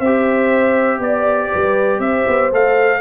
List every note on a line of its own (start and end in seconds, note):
0.00 0.99 C4
0.00 2.52 G4
0.00 1.00 C5
0.00 1.01 E5
0.99 1.49 B3
0.99 1.50 D5
0.99 2.00 D5
1.51 1.99 G3
1.51 2.01 B4
1.99 2.24 C4
1.99 3.01 C5
1.99 2.50 E5
2.28 2.52 B3
2.52 3.01 A3
2.52 3.01 A4
2.52 3.01 F5